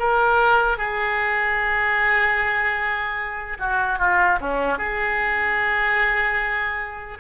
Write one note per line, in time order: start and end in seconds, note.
0.00 0.78 A#4
0.78 3.58 G#4
3.60 3.99 F#4
3.99 4.39 F4
4.41 4.79 C#4
4.79 7.19 G#4